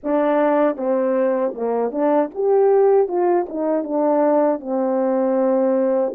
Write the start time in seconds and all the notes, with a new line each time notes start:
0.03 D4
0.76 C4
1.54 A#3
1.91 D4
2.34 G4
3.08 F4
3.48 D#4
3.83 D4
4.60 C4